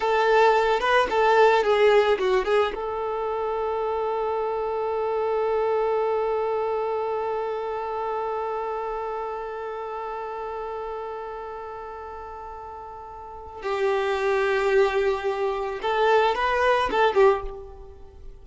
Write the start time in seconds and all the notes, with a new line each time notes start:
0.00 A4
0.79 B4
1.10 A4
1.63 G#4
2.18 F#4
2.44 G#4
2.74 A4
13.62 G4
15.82 A4
16.35 B4
16.90 A4
17.14 G4